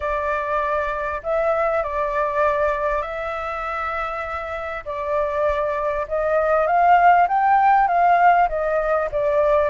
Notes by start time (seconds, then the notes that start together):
0.00 D5
1.23 E5
1.83 D5
3.02 E5
4.85 D5
6.08 D#5
6.66 F5
7.28 G5
7.87 F5
8.48 D#5
9.11 D5